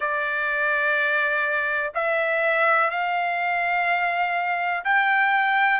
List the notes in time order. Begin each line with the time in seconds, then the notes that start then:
0.00 D5
1.94 E5
2.90 F5
4.84 G5